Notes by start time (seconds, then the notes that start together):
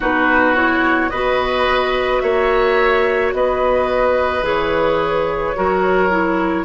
0.00 B2 D#4 F#4 B4
0.55 E4 C#5
1.10 B3 F#4 B4 D#5
2.20 A#3 C#5 E5
3.32 B3 B4 D#5
4.42 E3 G#4 C#5
5.55 F#3 F#4 A#4
6.10 E4